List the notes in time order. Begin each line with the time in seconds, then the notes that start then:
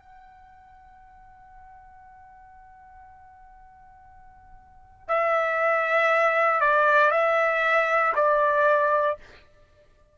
0.00 F#5
5.08 E5
6.61 D5
7.12 E5
8.16 D5